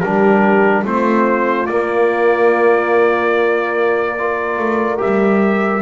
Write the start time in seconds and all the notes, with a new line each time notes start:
0.00 G3 D4 G4 A#4
0.84 A3 C4 F4 C5
1.66 A#3 D5
4.18 F4 A#4
4.59 A3
4.98 G4 E5
5.05 G3